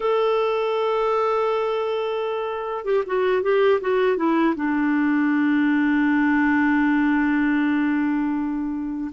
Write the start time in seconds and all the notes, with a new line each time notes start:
0.00 A4
2.84 G4
3.06 F#4
3.42 G4
3.80 F#4
4.16 E4
4.55 D4